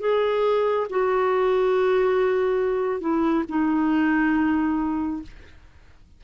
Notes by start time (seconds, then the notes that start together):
0.00 G#4
0.90 F#4
3.00 E4
3.49 D#4